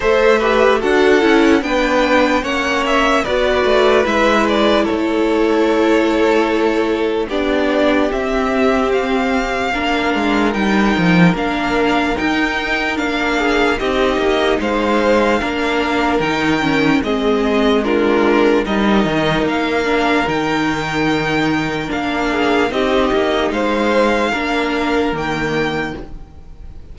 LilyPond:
<<
  \new Staff \with { instrumentName = "violin" } { \time 4/4 \tempo 4 = 74 e''4 fis''4 g''4 fis''8 e''8 | d''4 e''8 d''8 cis''2~ | cis''4 d''4 e''4 f''4~ | f''4 g''4 f''4 g''4 |
f''4 dis''4 f''2 | g''4 dis''4 ais'4 dis''4 | f''4 g''2 f''4 | dis''4 f''2 g''4 | }
  \new Staff \with { instrumentName = "violin" } { \time 4/4 c''8 b'8 a'4 b'4 cis''4 | b'2 a'2~ | a'4 g'2. | ais'1~ |
ais'8 gis'8 g'4 c''4 ais'4~ | ais'4 gis'4 f'4 ais'4~ | ais'2.~ ais'8 gis'8 | g'4 c''4 ais'2 | }
  \new Staff \with { instrumentName = "viola" } { \time 4/4 a'8 g'8 fis'8 e'8 d'4 cis'4 | fis'4 e'2.~ | e'4 d'4 c'2 | d'4 dis'4 d'4 dis'4 |
d'4 dis'2 d'4 | dis'8 cis'8 c'4 d'4 dis'4~ | dis'8 d'8 dis'2 d'4 | dis'2 d'4 ais4 | }
  \new Staff \with { instrumentName = "cello" } { \time 4/4 a4 d'8 cis'8 b4 ais4 | b8 a8 gis4 a2~ | a4 b4 c'2 | ais8 gis8 g8 f8 ais4 dis'4 |
ais4 c'8 ais8 gis4 ais4 | dis4 gis2 g8 dis8 | ais4 dis2 ais4 | c'8 ais8 gis4 ais4 dis4 | }
>>